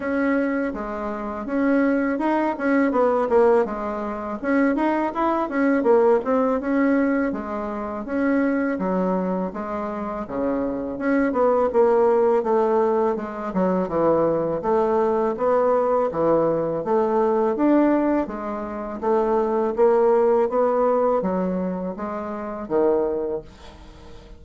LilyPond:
\new Staff \with { instrumentName = "bassoon" } { \time 4/4 \tempo 4 = 82 cis'4 gis4 cis'4 dis'8 cis'8 | b8 ais8 gis4 cis'8 dis'8 e'8 cis'8 | ais8 c'8 cis'4 gis4 cis'4 | fis4 gis4 cis4 cis'8 b8 |
ais4 a4 gis8 fis8 e4 | a4 b4 e4 a4 | d'4 gis4 a4 ais4 | b4 fis4 gis4 dis4 | }